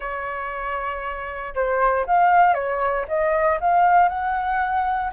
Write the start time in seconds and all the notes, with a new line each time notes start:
0.00 C#5
1.54 C5
2.06 F5
2.54 C#5
3.08 D#5
3.60 F5
4.08 F#5